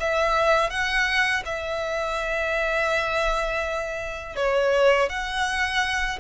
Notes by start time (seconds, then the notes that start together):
0.00 E5
0.71 F#5
1.46 E5
4.36 C#5
5.10 F#5